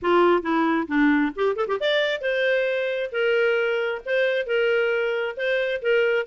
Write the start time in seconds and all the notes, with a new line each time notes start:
0.02 F4
0.42 E4
0.87 D4
1.35 G4
1.55 A4
1.67 G4
1.80 D5
2.21 C5
3.12 A#4
4.05 C5
4.46 A#4
5.36 C5
5.82 A#4